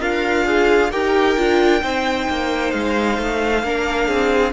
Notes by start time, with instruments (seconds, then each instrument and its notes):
0.00 cello D4, violin F4 F5, viola A#4
0.44 viola G#4
0.91 cello D#4, viola G4, violin A#4 G5
1.37 cello D4, viola F4
1.81 cello C4, viola D#4, violin C5
2.29 cello A#3
2.71 cello G#3, violin F5
3.18 cello A3
3.63 cello A#3, viola D4, violin A#4
4.08 cello C4, violin G#4